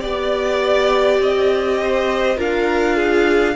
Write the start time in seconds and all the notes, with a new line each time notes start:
0.00 B3 G4 D5
1.20 C4 D#5
1.82 C5
2.37 D4 F4 A#4 F5
2.97 G#4